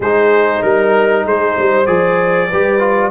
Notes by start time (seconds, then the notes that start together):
0.00 G#3 D#4 G#4 C5
0.62 G3 A#4
1.25 G#3 G#4 C5
1.57 G3 C5
1.86 F3 G#4 D5
2.49 G3 G4 B4
2.79 F4